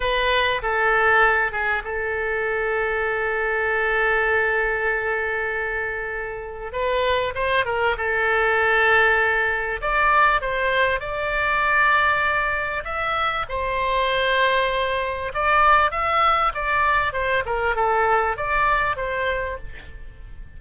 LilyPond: \new Staff \with { instrumentName = "oboe" } { \time 4/4 \tempo 4 = 98 b'4 a'4. gis'8 a'4~ | a'1~ | a'2. b'4 | c''8 ais'8 a'2. |
d''4 c''4 d''2~ | d''4 e''4 c''2~ | c''4 d''4 e''4 d''4 | c''8 ais'8 a'4 d''4 c''4 | }